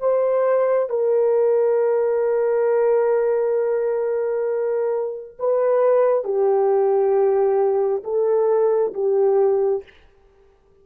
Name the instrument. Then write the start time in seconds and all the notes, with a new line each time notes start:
horn
0.00 C5
0.90 A#4
5.39 B4
6.24 G4
8.04 A4
8.93 G4